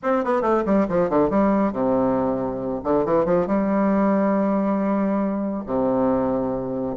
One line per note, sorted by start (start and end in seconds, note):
0.02 0.24 C4
0.24 0.41 B3
0.41 0.63 A3
0.65 0.87 G3
0.88 1.09 F3
1.09 1.29 D3
1.29 1.72 G3
1.72 2.81 C3
2.83 3.05 D3
3.05 3.25 E3
3.25 3.46 F3
3.46 5.64 G3
5.66 6.96 C3